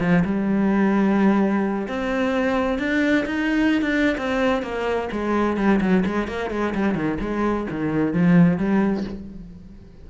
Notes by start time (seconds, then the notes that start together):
0.00 F3
0.25 G3
1.88 C4
2.79 D4
3.25 D#4
3.81 D4
4.17 C4
4.62 A#3
5.12 G#3
5.57 G3
5.80 F#3
6.05 G#3
6.27 A#3
6.50 G#3
6.75 G3
6.95 D#3
7.21 G#3
7.70 D#3
8.13 F3
8.58 G3